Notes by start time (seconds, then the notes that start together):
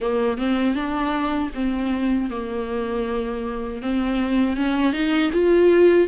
0.00 A#3
0.37 C4
0.74 D4
1.54 C4
2.30 A#3
3.82 C4
4.56 C#4
4.93 D#4
5.32 F4